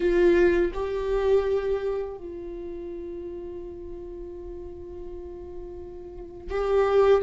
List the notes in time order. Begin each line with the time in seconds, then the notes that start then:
0.00 F4
0.73 G4
2.17 F4
6.50 G4